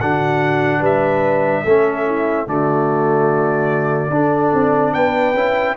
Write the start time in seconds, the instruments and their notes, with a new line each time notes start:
0.00 tuba D3, trombone D4, horn F#4, trumpet F#5
0.80 tuba G3, horn B4, trumpet E5
1.64 tuba A3, trombone C#4, horn A4
2.06 horn E4
2.46 tuba D3, trombone A3, horn F#4, trumpet D5
4.10 tuba D4, trombone D4, horn A4
4.54 tuba C4
4.93 tuba B3, horn B4, trumpet G5
5.34 tuba C#4, trombone E4